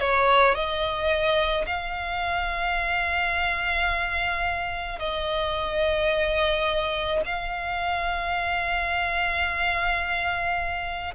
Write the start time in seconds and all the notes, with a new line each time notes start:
0.00 C#5
0.55 D#5
1.66 F5
4.99 D#5
7.25 F5